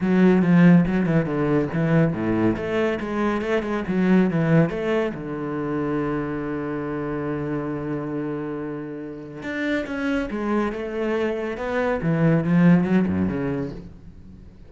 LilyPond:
\new Staff \with { instrumentName = "cello" } { \time 4/4 \tempo 4 = 140 fis4 f4 fis8 e8 d4 | e4 a,4 a4 gis4 | a8 gis8 fis4 e4 a4 | d1~ |
d1~ | d2 d'4 cis'4 | gis4 a2 b4 | e4 f4 fis8 fis,8 cis4 | }